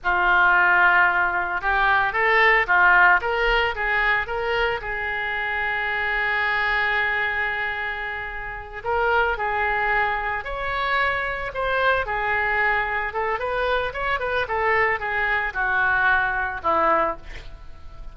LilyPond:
\new Staff \with { instrumentName = "oboe" } { \time 4/4 \tempo 4 = 112 f'2. g'4 | a'4 f'4 ais'4 gis'4 | ais'4 gis'2.~ | gis'1~ |
gis'8 ais'4 gis'2 cis''8~ | cis''4. c''4 gis'4.~ | gis'8 a'8 b'4 cis''8 b'8 a'4 | gis'4 fis'2 e'4 | }